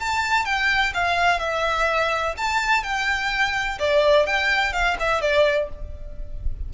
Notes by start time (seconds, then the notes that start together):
0.00 A5
0.45 G5
0.94 F5
1.40 E5
2.37 A5
2.83 G5
3.79 D5
4.26 G5
4.73 F5
5.00 E5
5.21 D5